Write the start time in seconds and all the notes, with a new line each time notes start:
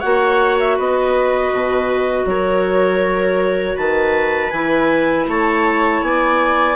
0.00 A#3 F#4 C#5 F#5
0.59 E5
0.76 B3 B4 D#5
1.52 B2
2.25 F#3 A#4 C#5
3.76 D#3 B4 A5
4.50 E3 E4 G#5
5.27 A3 C#5 A5
6.02 B3 D5 G#5